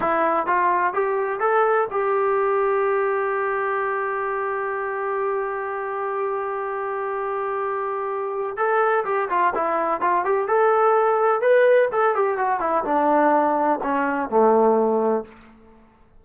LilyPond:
\new Staff \with { instrumentName = "trombone" } { \time 4/4 \tempo 4 = 126 e'4 f'4 g'4 a'4 | g'1~ | g'1~ | g'1~ |
g'2 a'4 g'8 f'8 | e'4 f'8 g'8 a'2 | b'4 a'8 g'8 fis'8 e'8 d'4~ | d'4 cis'4 a2 | }